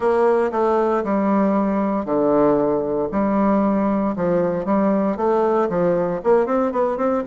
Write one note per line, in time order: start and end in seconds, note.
0.00 0.51 A#3
0.51 1.03 A3
1.03 2.05 G3
2.05 3.08 D3
3.11 4.15 G3
4.16 4.65 F3
4.65 5.17 G3
5.17 5.68 A3
5.69 6.21 F3
6.24 6.46 A#3
6.46 6.71 C4
6.72 6.97 B3
6.97 7.23 C4